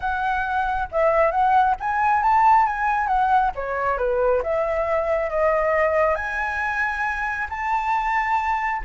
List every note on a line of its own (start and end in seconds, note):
0.00 0.88 F#5
0.91 1.31 E5
1.31 1.75 F#5
1.80 2.22 G#5
2.22 2.66 A5
2.66 3.07 G#5
3.07 3.51 F#5
3.55 3.97 C#5
3.97 4.41 B4
4.42 5.29 E5
5.29 6.15 D#5
6.15 7.47 G#5
7.49 8.82 A5